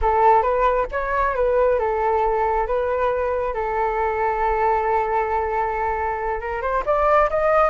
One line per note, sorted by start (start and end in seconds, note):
0.01 0.42 A4
0.42 0.86 B4
0.91 1.35 C#5
1.35 1.79 B4
1.79 2.67 A4
2.67 3.54 B4
3.54 6.40 A4
6.40 6.61 A#4
6.61 6.83 C5
6.85 7.29 D5
7.30 7.69 D#5